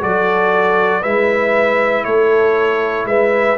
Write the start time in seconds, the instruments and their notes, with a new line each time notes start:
0.00 tuba F#3, trombone F#4, horn A4, trumpet D5
1.01 tuba G#3, trombone E4, horn B4, trumpet E5
2.04 tuba A3, horn A4, trumpet C#5
3.05 tuba G#3, horn B4, trumpet E5